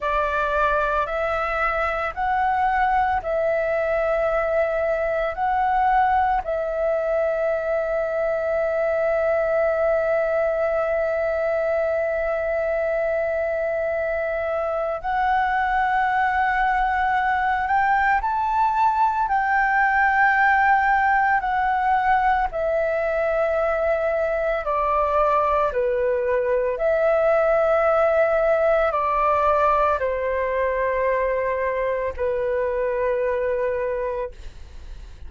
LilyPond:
\new Staff \with { instrumentName = "flute" } { \time 4/4 \tempo 4 = 56 d''4 e''4 fis''4 e''4~ | e''4 fis''4 e''2~ | e''1~ | e''2 fis''2~ |
fis''8 g''8 a''4 g''2 | fis''4 e''2 d''4 | b'4 e''2 d''4 | c''2 b'2 | }